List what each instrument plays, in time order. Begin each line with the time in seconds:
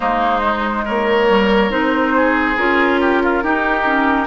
0.00 bassoon G#3, clarinet A#3, oboe D#4, flute C5
0.42 clarinet G#3
0.84 bassoon A#3, oboe A#4, flute C#5
1.29 clarinet G3
1.70 bassoon C4, clarinet D#4, flute C5
2.16 oboe G#4
2.57 bassoon C#4, clarinet F4, flute A#4
3.01 oboe G4
3.22 oboe F4
3.43 bassoon D#4, clarinet D#4, oboe G4
3.84 clarinet C#4